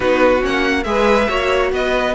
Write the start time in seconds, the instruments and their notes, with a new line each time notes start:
0.00 cello B3, viola D#4, violin F#4 B4
0.41 cello A#3, viola C#4, violin F#5
0.83 cello G#3, viola G#4, violin B4 E5
1.28 cello A#3, viola F#4, violin C#5
1.72 cello B3, violin B4 D#5